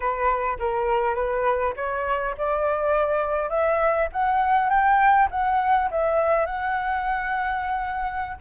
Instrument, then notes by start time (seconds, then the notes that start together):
flute
0.00 B4
0.59 A#4
1.14 B4
1.76 C#5
2.37 D5
3.49 E5
4.12 F#5
4.69 G5
5.30 F#5
5.91 E5
6.45 F#5